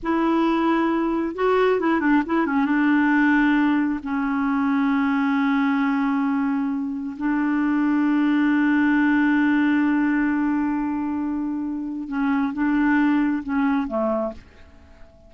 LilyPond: \new Staff \with { instrumentName = "clarinet" } { \time 4/4 \tempo 4 = 134 e'2. fis'4 | e'8 d'8 e'8 cis'8 d'2~ | d'4 cis'2.~ | cis'1 |
d'1~ | d'1~ | d'2. cis'4 | d'2 cis'4 a4 | }